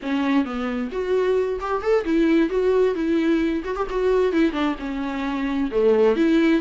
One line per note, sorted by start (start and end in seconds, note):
0.02 0.44 C#4
0.44 0.90 B3
0.91 1.59 F#4
1.60 1.81 G4
1.81 2.04 A4
2.05 2.49 E4
2.49 2.94 F#4
2.94 3.63 E4
3.64 3.75 F#4
3.75 3.87 G4
3.89 4.32 F#4
4.32 4.52 E4
4.52 4.75 D4
4.79 5.70 C#4
5.71 6.16 A3
6.16 6.61 E4